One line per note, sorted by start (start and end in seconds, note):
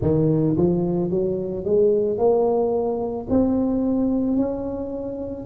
0.01 0.56 D#3
0.57 1.10 F3
1.10 1.65 F#3
1.65 2.18 G#3
2.18 3.27 A#3
3.29 4.36 C4
4.36 5.45 C#4